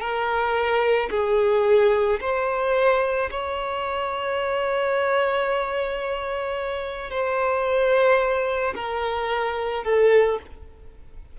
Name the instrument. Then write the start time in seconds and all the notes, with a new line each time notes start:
violin
0.00 A#4
1.11 G#4
2.21 C5
3.31 C#5
7.11 C5
8.75 A#4
9.84 A4